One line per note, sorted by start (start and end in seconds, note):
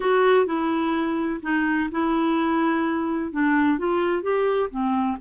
0.00 0.46 F#4
0.46 1.40 E4
1.42 1.89 D#4
1.91 3.32 E4
3.32 3.78 D4
3.78 4.22 F4
4.22 4.69 G4
4.70 5.17 C4